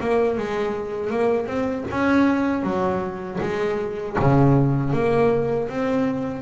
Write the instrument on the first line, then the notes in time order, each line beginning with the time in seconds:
double bass
0.00 A#3
0.38 G#3
1.10 A#3
1.46 C4
1.90 C#4
2.63 F#3
3.40 G#3
4.19 C#3
4.93 A#3
5.69 C4